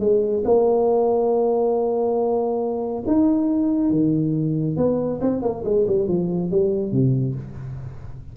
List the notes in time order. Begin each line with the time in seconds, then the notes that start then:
0.00 G#3
0.45 A#3
3.07 D#4
3.91 D#3
4.77 B3
5.21 C4
5.43 A#3
5.65 G#3
5.88 G3
6.08 F3
6.51 G3
6.92 C3